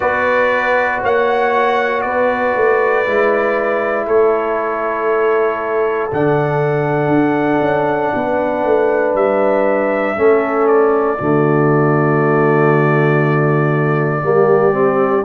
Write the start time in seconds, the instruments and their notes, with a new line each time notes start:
0.00 tuba B3, trombone F#4, horn B4, trumpet D5
1.02 tuba A#3, horn C#5, trumpet F#5
2.01 tuba B3, horn B4, trumpet D5
2.56 tuba A3
3.05 tuba G#3, trombone E4
4.06 tuba A3, horn A4, trumpet C#5
6.12 tuba D3, trombone D4, trumpet F#5
7.07 tuba D4
7.61 tuba C#4
8.14 tuba B3, horn B4
8.64 tuba A3
9.14 tuba G3, trumpet E5
10.16 tuba A3, trombone C#4, horn A4
10.67 trumpet D5
11.18 tuba D3, trombone A3, horn F#4
14.21 tuba G3, trombone A#3, horn G4
14.71 trombone C4